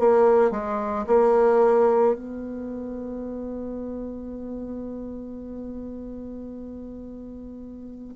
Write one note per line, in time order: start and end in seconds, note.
0.00 0.52 A#3
0.52 1.06 G#3
1.07 2.15 A#3
2.15 8.15 B3